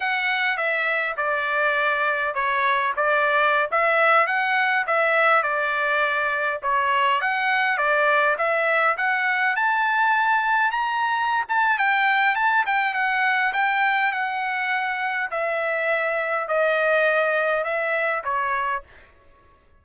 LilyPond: \new Staff \with { instrumentName = "trumpet" } { \time 4/4 \tempo 4 = 102 fis''4 e''4 d''2 | cis''4 d''4~ d''16 e''4 fis''8.~ | fis''16 e''4 d''2 cis''8.~ | cis''16 fis''4 d''4 e''4 fis''8.~ |
fis''16 a''2 ais''4~ ais''16 a''8 | g''4 a''8 g''8 fis''4 g''4 | fis''2 e''2 | dis''2 e''4 cis''4 | }